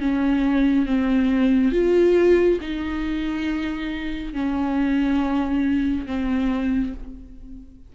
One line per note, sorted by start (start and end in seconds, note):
0.00 0.86 C#4
0.86 1.72 C4
1.72 2.59 F4
2.61 4.33 D#4
4.33 6.06 C#4
6.06 6.93 C4